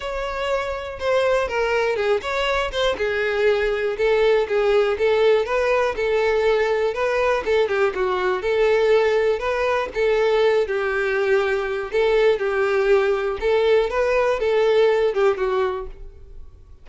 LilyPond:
\new Staff \with { instrumentName = "violin" } { \time 4/4 \tempo 4 = 121 cis''2 c''4 ais'4 | gis'8 cis''4 c''8 gis'2 | a'4 gis'4 a'4 b'4 | a'2 b'4 a'8 g'8 |
fis'4 a'2 b'4 | a'4. g'2~ g'8 | a'4 g'2 a'4 | b'4 a'4. g'8 fis'4 | }